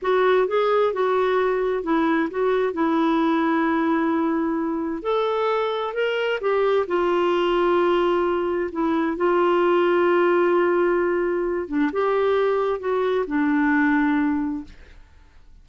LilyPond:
\new Staff \with { instrumentName = "clarinet" } { \time 4/4 \tempo 4 = 131 fis'4 gis'4 fis'2 | e'4 fis'4 e'2~ | e'2. a'4~ | a'4 ais'4 g'4 f'4~ |
f'2. e'4 | f'1~ | f'4. d'8 g'2 | fis'4 d'2. | }